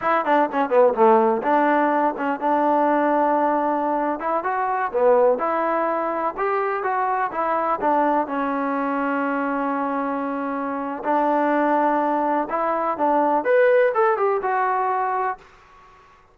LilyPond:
\new Staff \with { instrumentName = "trombone" } { \time 4/4 \tempo 4 = 125 e'8 d'8 cis'8 b8 a4 d'4~ | d'8 cis'8 d'2.~ | d'8. e'8 fis'4 b4 e'8.~ | e'4~ e'16 g'4 fis'4 e'8.~ |
e'16 d'4 cis'2~ cis'8.~ | cis'2. d'4~ | d'2 e'4 d'4 | b'4 a'8 g'8 fis'2 | }